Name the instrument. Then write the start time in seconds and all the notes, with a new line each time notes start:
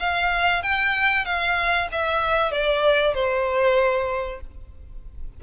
violin
0.00 F5
0.63 G5
1.25 F5
1.92 E5
2.52 D5
3.15 C5